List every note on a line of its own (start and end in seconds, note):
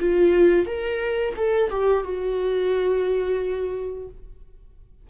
0.00 0.66 F4
0.66 1.35 A#4
1.37 1.70 A4
1.70 2.04 G4
2.04 4.08 F#4